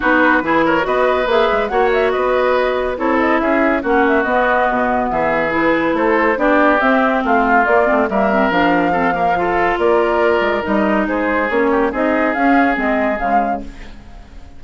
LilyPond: <<
  \new Staff \with { instrumentName = "flute" } { \time 4/4 \tempo 4 = 141 b'4. cis''8 dis''4 e''4 | fis''8 e''8 dis''2 cis''8 dis''8 | e''4 fis''8 e''8 dis''2 | e''4 b'4 c''4 d''4 |
e''4 f''4 d''4 e''4 | f''2. d''4~ | d''4 dis''4 c''4 cis''4 | dis''4 f''4 dis''4 f''4 | }
  \new Staff \with { instrumentName = "oboe" } { \time 4/4 fis'4 gis'8 ais'8 b'2 | cis''4 b'2 a'4 | gis'4 fis'2. | gis'2 a'4 g'4~ |
g'4 f'2 ais'4~ | ais'4 a'8 ais'8 a'4 ais'4~ | ais'2 gis'4. g'8 | gis'1 | }
  \new Staff \with { instrumentName = "clarinet" } { \time 4/4 dis'4 e'4 fis'4 gis'4 | fis'2. e'4~ | e'4 cis'4 b2~ | b4 e'2 d'4 |
c'2 ais8 c'8 ais8 c'8 | d'4 c'8 ais8 f'2~ | f'4 dis'2 cis'4 | dis'4 cis'4 c'4 gis4 | }
  \new Staff \with { instrumentName = "bassoon" } { \time 4/4 b4 e4 b4 ais8 gis8 | ais4 b2 c'4 | cis'4 ais4 b4 b,4 | e2 a4 b4 |
c'4 a4 ais8 a8 g4 | f2. ais4~ | ais8 gis8 g4 gis4 ais4 | c'4 cis'4 gis4 cis4 | }
>>